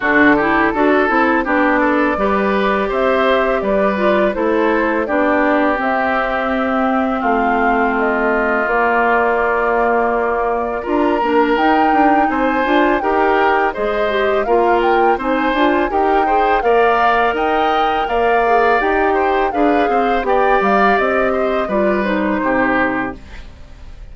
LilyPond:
<<
  \new Staff \with { instrumentName = "flute" } { \time 4/4 \tempo 4 = 83 a'2 d''2 | e''4 d''4 c''4 d''4 | e''2 f''4 dis''4 | d''2. ais''4 |
g''4 gis''4 g''4 dis''4 | f''8 g''8 gis''4 g''4 f''4 | g''4 f''4 g''4 f''4 | g''8 f''8 dis''4 d''8 c''4. | }
  \new Staff \with { instrumentName = "oboe" } { \time 4/4 fis'8 g'8 a'4 g'8 a'8 b'4 | c''4 b'4 a'4 g'4~ | g'2 f'2~ | f'2. ais'4~ |
ais'4 c''4 ais'4 c''4 | ais'4 c''4 ais'8 c''8 d''4 | dis''4 d''4. c''8 b'8 c''8 | d''4. c''8 b'4 g'4 | }
  \new Staff \with { instrumentName = "clarinet" } { \time 4/4 d'8 e'8 fis'8 e'8 d'4 g'4~ | g'4. f'8 e'4 d'4 | c'1 | ais2. f'8 d'8 |
dis'4. f'8 g'4 gis'8 g'8 | f'4 dis'8 f'8 g'8 gis'8 ais'4~ | ais'4. gis'8 g'4 gis'4 | g'2 f'8 dis'4. | }
  \new Staff \with { instrumentName = "bassoon" } { \time 4/4 d4 d'8 c'8 b4 g4 | c'4 g4 a4 b4 | c'2 a2 | ais2. d'8 ais8 |
dis'8 d'8 c'8 d'8 dis'4 gis4 | ais4 c'8 d'8 dis'4 ais4 | dis'4 ais4 dis'4 d'8 c'8 | b8 g8 c'4 g4 c4 | }
>>